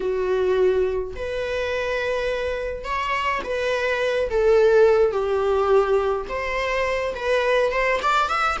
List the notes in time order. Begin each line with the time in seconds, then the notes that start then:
0.00 F#4
1.15 B4
2.84 C#5
3.44 B4
4.30 A4
5.11 G4
6.28 C5
7.15 B4
7.71 C5
8.02 D5
8.28 E5